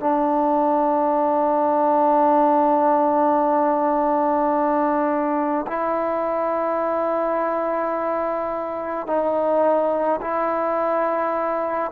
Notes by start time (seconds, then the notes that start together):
0.00 D4
5.68 E4
9.07 D#4
10.21 E4